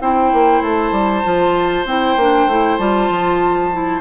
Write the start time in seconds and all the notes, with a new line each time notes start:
0.00 C4 E4 C5 G5
0.32 A#3
0.61 A3 A5
0.91 G3
1.23 F3 F4
1.85 C4 E4 G5
2.16 A#3 D4
2.46 A3 E4
2.77 G3 F4 A5
3.09 F3
3.72 E4